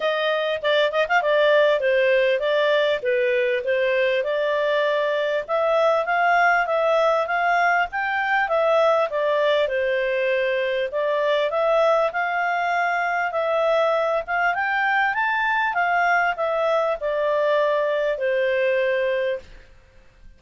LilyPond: \new Staff \with { instrumentName = "clarinet" } { \time 4/4 \tempo 4 = 99 dis''4 d''8 dis''16 f''16 d''4 c''4 | d''4 b'4 c''4 d''4~ | d''4 e''4 f''4 e''4 | f''4 g''4 e''4 d''4 |
c''2 d''4 e''4 | f''2 e''4. f''8 | g''4 a''4 f''4 e''4 | d''2 c''2 | }